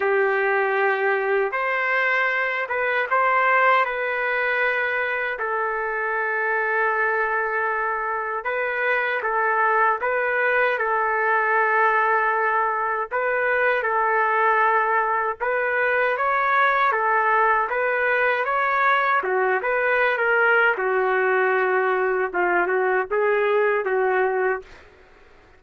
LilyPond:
\new Staff \with { instrumentName = "trumpet" } { \time 4/4 \tempo 4 = 78 g'2 c''4. b'8 | c''4 b'2 a'4~ | a'2. b'4 | a'4 b'4 a'2~ |
a'4 b'4 a'2 | b'4 cis''4 a'4 b'4 | cis''4 fis'8 b'8. ais'8. fis'4~ | fis'4 f'8 fis'8 gis'4 fis'4 | }